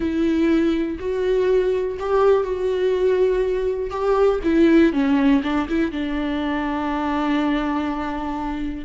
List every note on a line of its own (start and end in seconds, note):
0.00 0.97 E4
0.99 1.97 F#4
1.99 2.43 G4
2.43 3.90 F#4
3.90 4.39 G4
4.43 4.92 E4
4.92 5.41 C#4
5.43 5.67 D4
5.68 5.91 E4
5.91 8.85 D4